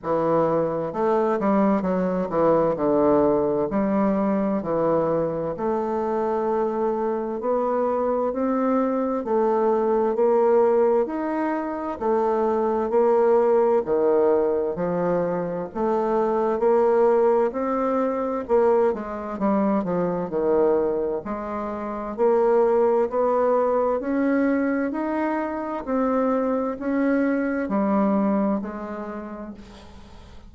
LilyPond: \new Staff \with { instrumentName = "bassoon" } { \time 4/4 \tempo 4 = 65 e4 a8 g8 fis8 e8 d4 | g4 e4 a2 | b4 c'4 a4 ais4 | dis'4 a4 ais4 dis4 |
f4 a4 ais4 c'4 | ais8 gis8 g8 f8 dis4 gis4 | ais4 b4 cis'4 dis'4 | c'4 cis'4 g4 gis4 | }